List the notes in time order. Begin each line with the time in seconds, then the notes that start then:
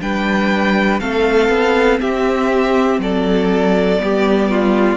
0.00 G3 D4 B4 G5
1.00 A3 C4 A4 F5
1.49 B3
2.00 C4 G4 E5
2.98 F#3 A4 D5
3.99 G3 B3 G4
4.51 F4